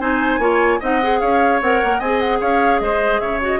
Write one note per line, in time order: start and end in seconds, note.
0.00 0.39 C4
0.00 0.40 D#4
0.00 0.40 C5
0.00 0.81 G#5
0.39 0.79 A#3
0.39 0.81 F4
0.39 0.80 C#5
0.80 1.22 C4
0.80 1.01 D#4
0.80 1.20 D#5
0.80 1.20 F#5
1.02 1.62 G#4
1.20 1.61 C#4
1.20 1.99 C#5
1.20 1.60 F5
1.61 1.82 C4
1.61 2.03 A#4
1.61 2.01 F#5
1.84 2.01 A#3
1.99 2.41 C4
1.99 2.39 D#5
1.99 2.20 G#5
2.05 3.41 G#4
2.20 2.40 F#5
2.41 2.80 C#4
2.41 2.81 C#5
2.41 2.80 F5
2.80 3.21 G#3
2.80 3.21 C5
2.80 3.20 D#5
3.20 3.60 C#3
3.20 3.60 C#5
3.20 3.40 E5
3.41 3.60 F#4
3.41 3.60 D#5